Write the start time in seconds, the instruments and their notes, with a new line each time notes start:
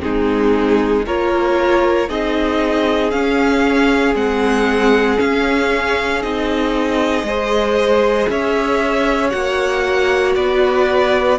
0.00 cello G#3, viola C4, violin D#4 G#4
1.06 cello A#3, viola F4, violin A#4 C#5
2.09 cello C4, viola D#4, violin G#4 D#5
3.11 viola C#4, cello C#4, violin F5
4.15 cello G#3, viola C4, violin F#5
5.18 viola C#4, cello C#4, violin F5
6.22 cello C4, viola D#4, violin D#5
7.23 cello G#3, viola G#4, violin C5
8.29 cello C#4, violin C#5 E5
9.30 cello A#3, viola F#4, violin F#5
10.35 cello B3, violin B4 D5